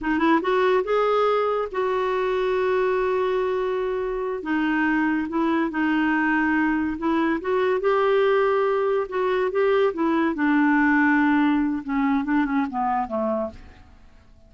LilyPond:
\new Staff \with { instrumentName = "clarinet" } { \time 4/4 \tempo 4 = 142 dis'8 e'8 fis'4 gis'2 | fis'1~ | fis'2~ fis'8 dis'4.~ | dis'8 e'4 dis'2~ dis'8~ |
dis'8 e'4 fis'4 g'4.~ | g'4. fis'4 g'4 e'8~ | e'8 d'2.~ d'8 | cis'4 d'8 cis'8 b4 a4 | }